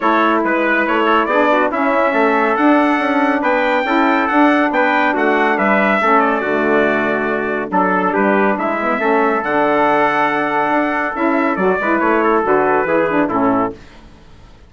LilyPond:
<<
  \new Staff \with { instrumentName = "trumpet" } { \time 4/4 \tempo 4 = 140 cis''4 b'4 cis''4 d''4 | e''2 fis''2 | g''2 fis''4 g''4 | fis''4 e''4. d''4.~ |
d''2 a'4 b'4 | e''2 fis''2~ | fis''2 e''4 d''4 | cis''4 b'2 a'4 | }
  \new Staff \with { instrumentName = "trumpet" } { \time 4/4 a'4 b'4. a'8 gis'8 fis'8 | e'4 a'2. | b'4 a'2 b'4 | fis'4 b'4 a'4 fis'4~ |
fis'2 a'4 g'4 | e'4 a'2.~ | a'2.~ a'8 b'8~ | b'8 a'4. gis'4 e'4 | }
  \new Staff \with { instrumentName = "saxophone" } { \time 4/4 e'2. d'4 | cis'2 d'2~ | d'4 e'4 d'2~ | d'2 cis'4 a4~ |
a2 d'2~ | d'8 b8 cis'4 d'2~ | d'2 e'4 fis'8 e'8~ | e'4 fis'4 e'8 d'8 cis'4 | }
  \new Staff \with { instrumentName = "bassoon" } { \time 4/4 a4 gis4 a4 b4 | cis'4 a4 d'4 cis'4 | b4 cis'4 d'4 b4 | a4 g4 a4 d4~ |
d2 fis4 g4 | gis4 a4 d2~ | d4 d'4 cis'4 fis8 gis8 | a4 d4 e4 a,4 | }
>>